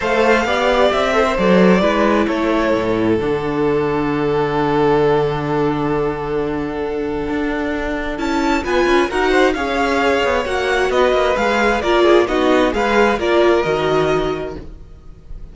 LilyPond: <<
  \new Staff \with { instrumentName = "violin" } { \time 4/4 \tempo 4 = 132 f''2 e''4 d''4~ | d''4 cis''2 fis''4~ | fis''1~ | fis''1~ |
fis''2 a''4 gis''4 | fis''4 f''2 fis''4 | dis''4 f''4 d''4 dis''4 | f''4 d''4 dis''2 | }
  \new Staff \with { instrumentName = "violin" } { \time 4/4 c''4 d''4. c''4. | b'4 a'2.~ | a'1~ | a'1~ |
a'2. b'4 | ais'8 c''8 cis''2. | b'2 ais'8 gis'8 fis'4 | b'4 ais'2. | }
  \new Staff \with { instrumentName = "viola" } { \time 4/4 a'4 g'4. a'16 ais'16 a'4 | e'2. d'4~ | d'1~ | d'1~ |
d'2 e'4 f'4 | fis'4 gis'2 fis'4~ | fis'4 gis'4 f'4 dis'4 | gis'4 f'4 fis'2 | }
  \new Staff \with { instrumentName = "cello" } { \time 4/4 a4 b4 c'4 fis4 | gis4 a4 a,4 d4~ | d1~ | d1 |
d'2 cis'4 b8 cis'8 | dis'4 cis'4. b8 ais4 | b8 ais8 gis4 ais4 b4 | gis4 ais4 dis2 | }
>>